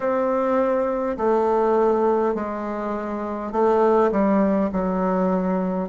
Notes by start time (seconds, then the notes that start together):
0.00 C4
1.17 A3
2.35 G#3
3.52 A3
4.11 G3
4.72 F#3